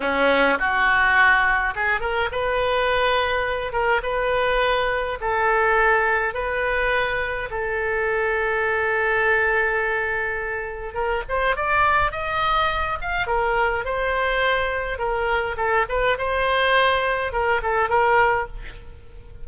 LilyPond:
\new Staff \with { instrumentName = "oboe" } { \time 4/4 \tempo 4 = 104 cis'4 fis'2 gis'8 ais'8 | b'2~ b'8 ais'8 b'4~ | b'4 a'2 b'4~ | b'4 a'2.~ |
a'2. ais'8 c''8 | d''4 dis''4. f''8 ais'4 | c''2 ais'4 a'8 b'8 | c''2 ais'8 a'8 ais'4 | }